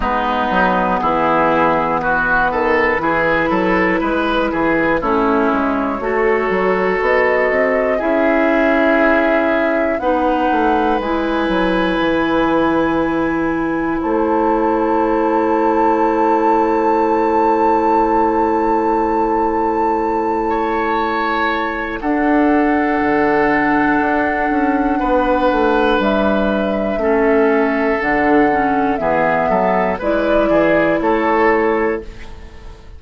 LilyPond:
<<
  \new Staff \with { instrumentName = "flute" } { \time 4/4 \tempo 4 = 60 b'4 gis'4 b'2~ | b'4 cis''2 dis''4 | e''2 fis''4 gis''4~ | gis''2 a''2~ |
a''1~ | a''2 fis''2~ | fis''2 e''2 | fis''4 e''4 d''4 cis''4 | }
  \new Staff \with { instrumentName = "oboe" } { \time 4/4 dis'4 e'4 fis'8 a'8 gis'8 a'8 | b'8 gis'8 e'4 a'2 | gis'2 b'2~ | b'2 c''2~ |
c''1~ | c''8 cis''4. a'2~ | a'4 b'2 a'4~ | a'4 gis'8 a'8 b'8 gis'8 a'4 | }
  \new Staff \with { instrumentName = "clarinet" } { \time 4/4 b2. e'4~ | e'4 cis'4 fis'2 | e'2 dis'4 e'4~ | e'1~ |
e'1~ | e'2 d'2~ | d'2. cis'4 | d'8 cis'8 b4 e'2 | }
  \new Staff \with { instrumentName = "bassoon" } { \time 4/4 gis8 fis8 e4. dis8 e8 fis8 | gis8 e8 a8 gis8 a8 fis8 b8 c'8 | cis'2 b8 a8 gis8 fis8 | e2 a2~ |
a1~ | a2 d'4 d4 | d'8 cis'8 b8 a8 g4 a4 | d4 e8 fis8 gis8 e8 a4 | }
>>